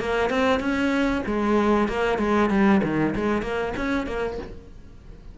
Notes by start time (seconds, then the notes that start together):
0.00 A#3
0.30 C4
0.60 C#4
1.26 G#3
1.89 A#3
2.19 G#3
2.50 G3
2.84 D#3
3.16 G#3
3.42 A#3
3.77 C#4
4.07 A#3